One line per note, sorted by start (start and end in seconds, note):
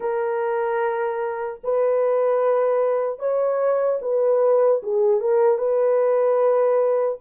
0.00 1.60 A#4
1.63 3.19 B4
3.19 3.99 C#5
4.01 4.81 B4
4.82 5.20 G#4
5.20 5.57 A#4
5.57 7.17 B4